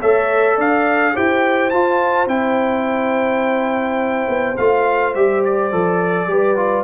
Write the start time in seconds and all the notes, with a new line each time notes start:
0.00 A3 A4 C#5 E5
0.57 D4 D5 F5
1.14 E4 G4 C5 G5
1.70 F4 A5
2.27 C4 E4 G5
4.28 B3
4.57 A3 F4 F5
5.15 G3 G4 E5
5.45 D5
5.72 F3 A4
6.27 G3 G4 B4
6.57 F4